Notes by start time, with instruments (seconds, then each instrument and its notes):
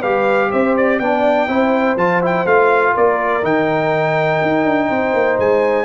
0.00 tuba G3, trombone G4, horn B4, trumpet F5
0.50 tuba C4, horn C5, trumpet E5
0.77 trumpet D5
0.99 tuba B3, trombone D4, horn D5, trumpet G5
1.48 tuba C4, trombone E4, horn C5
1.96 tuba F3, trombone F4, trumpet A5
2.21 trombone E4, trumpet G5
2.45 tuba A3, trombone F4, trumpet F5
2.94 tuba A#3, horn A#4, trumpet D5
3.43 tuba D#3, trombone D#4, trumpet G5
4.42 tuba D#4
4.64 tuba D4
4.88 tuba C4, horn C5
5.13 tuba A#3
5.38 tuba G#3, trumpet G#5